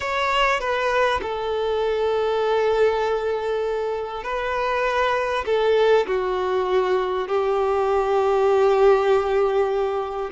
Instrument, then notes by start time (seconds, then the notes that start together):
violin
0.00 C#5
0.60 B4
1.21 A4
4.23 B4
5.45 A4
6.07 F#4
7.28 G4